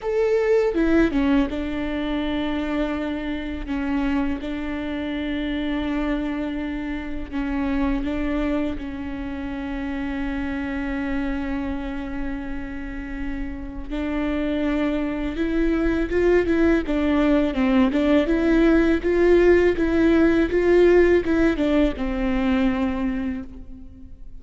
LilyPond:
\new Staff \with { instrumentName = "viola" } { \time 4/4 \tempo 4 = 82 a'4 e'8 cis'8 d'2~ | d'4 cis'4 d'2~ | d'2 cis'4 d'4 | cis'1~ |
cis'2. d'4~ | d'4 e'4 f'8 e'8 d'4 | c'8 d'8 e'4 f'4 e'4 | f'4 e'8 d'8 c'2 | }